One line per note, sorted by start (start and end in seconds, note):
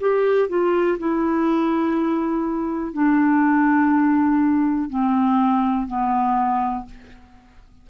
0.00 0.48 G4
0.48 0.97 F4
0.98 2.93 E4
2.93 4.89 D4
4.89 5.87 C4
5.87 6.85 B3